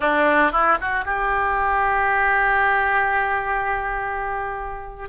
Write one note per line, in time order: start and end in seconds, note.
0.00 0.51 D4
0.51 0.78 E4
0.80 1.05 F#4
1.05 5.09 G4